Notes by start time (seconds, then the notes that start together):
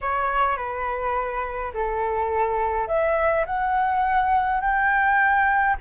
0.01 C#5
0.56 B4
1.73 A4
2.87 E5
3.46 F#5
4.60 G5